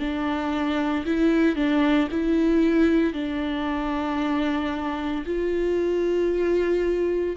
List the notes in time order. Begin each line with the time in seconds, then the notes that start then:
0.00 D4
1.06 E4
1.56 D4
2.11 E4
3.13 D4
5.26 F4